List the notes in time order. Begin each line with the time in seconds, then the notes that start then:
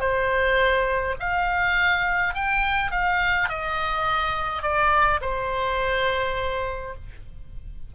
0.00 C5
1.20 F5
2.34 G5
2.91 F5
3.49 D#5
4.63 D5
5.21 C5